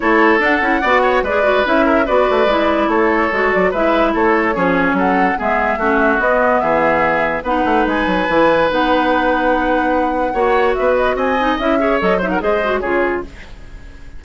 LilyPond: <<
  \new Staff \with { instrumentName = "flute" } { \time 4/4 \tempo 4 = 145 cis''4 fis''2 d''4 | e''4 d''2 cis''4~ | cis''8 d''8 e''4 cis''2 | fis''4 e''2 dis''4 |
e''2 fis''4 gis''4~ | gis''4 fis''2.~ | fis''2 e''8 dis''8 gis''4 | e''4 dis''8 e''16 fis''16 dis''4 cis''4 | }
  \new Staff \with { instrumentName = "oboe" } { \time 4/4 a'2 d''8 cis''8 b'4~ | b'8 ais'8 b'2 a'4~ | a'4 b'4 a'4 gis'4 | a'4 gis'4 fis'2 |
gis'2 b'2~ | b'1~ | b'4 cis''4 b'4 dis''4~ | dis''8 cis''4 c''16 ais'16 c''4 gis'4 | }
  \new Staff \with { instrumentName = "clarinet" } { \time 4/4 e'4 d'8 e'8 fis'4 gis'8 fis'8 | e'4 fis'4 e'2 | fis'4 e'2 cis'4~ | cis'4 b4 cis'4 b4~ |
b2 dis'2 | e'4 dis'2.~ | dis'4 fis'2~ fis'8 dis'8 | e'8 gis'8 a'8 dis'8 gis'8 fis'8 f'4 | }
  \new Staff \with { instrumentName = "bassoon" } { \time 4/4 a4 d'8 cis'8 b4 gis4 | cis'4 b8 a8 gis4 a4 | gis8 fis8 gis4 a4 f4 | fis4 gis4 a4 b4 |
e2 b8 a8 gis8 fis8 | e4 b2.~ | b4 ais4 b4 c'4 | cis'4 fis4 gis4 cis4 | }
>>